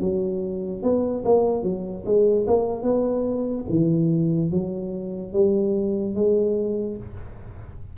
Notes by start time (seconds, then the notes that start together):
0.00 F#3
0.82 B3
1.24 A#3
1.63 F#3
2.05 G#3
2.47 A#3
2.82 B3
3.69 E3
4.51 F#3
5.33 G3
6.15 G#3